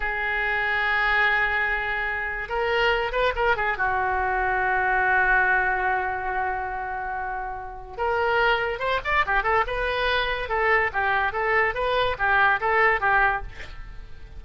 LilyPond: \new Staff \with { instrumentName = "oboe" } { \time 4/4 \tempo 4 = 143 gis'1~ | gis'2 ais'4. b'8 | ais'8 gis'8 fis'2.~ | fis'1~ |
fis'2. ais'4~ | ais'4 c''8 d''8 g'8 a'8 b'4~ | b'4 a'4 g'4 a'4 | b'4 g'4 a'4 g'4 | }